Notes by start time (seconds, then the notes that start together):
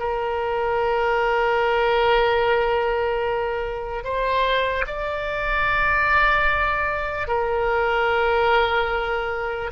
0.00 A#4
4.04 C5
4.87 D5
7.28 A#4